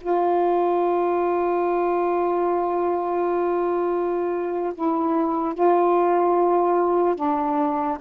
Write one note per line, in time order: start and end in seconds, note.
0.00 4.73 F4
4.74 5.54 E4
5.54 7.15 F4
7.15 7.97 D4